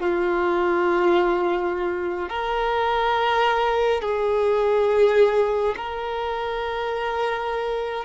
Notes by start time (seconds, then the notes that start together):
0.00 F4
2.29 A#4
4.02 G#4
5.77 A#4